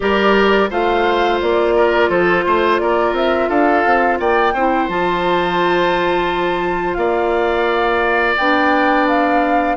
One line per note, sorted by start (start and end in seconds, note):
0.00 0.70 G3
0.00 0.69 G4
0.00 0.70 A#4
0.00 0.70 D5
0.70 1.40 A3
0.70 4.54 F4
0.70 1.74 C5
0.70 1.41 F5
1.41 2.09 A#3
1.41 2.09 D5
1.75 2.09 A#4
2.09 2.44 F3
2.09 2.44 A4
2.09 2.79 C5
2.46 2.80 A3
2.46 2.81 C5
2.79 3.12 A#3
2.79 3.48 A#4
2.79 3.14 D5
3.12 3.47 C4
3.12 3.49 E5
3.48 3.84 D4
3.48 4.18 A4
3.48 4.18 F5
3.85 4.19 C4
4.19 4.53 A#3
4.19 4.53 D5
4.19 4.89 G5
4.53 4.88 C4
4.53 4.89 E4
4.53 6.97 C5
4.88 6.97 F3
4.88 8.38 F4
4.88 6.94 A5
6.94 8.36 A#3
6.94 9.77 D5
6.94 8.33 F5
8.37 9.77 B3
8.37 9.77 D4
8.37 9.07 G5
9.07 9.77 F5